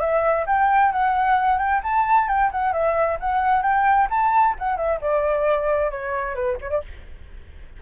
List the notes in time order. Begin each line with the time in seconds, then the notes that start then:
0.00 E5
0.46 G5
0.92 F#5
1.58 G5
1.83 A5
2.28 G5
2.52 F#5
2.73 E5
3.20 F#5
3.62 G5
4.10 A5
4.59 F#5
4.77 E5
5.01 D5
5.91 C#5
6.35 B4
6.61 C#5
6.70 D5